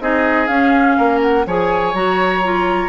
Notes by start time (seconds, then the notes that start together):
0.00 C4 D#4 G#4 D#5
0.47 C#4 F5
0.98 A#3 A#4
1.21 F#5
1.46 F3 G#4 C#5 G#5
1.94 F#3 F#4 A#5
2.43 F4